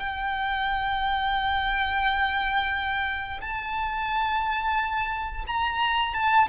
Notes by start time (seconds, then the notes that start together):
0.00 G5
3.41 A5
5.47 A#5
6.14 A5